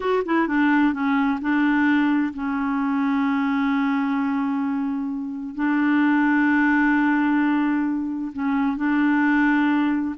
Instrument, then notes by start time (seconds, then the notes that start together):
clarinet
0.00 F#4
0.25 E4
0.47 D4
0.93 C#4
1.41 D4
2.33 C#4
5.55 D4
8.33 C#4
8.76 D4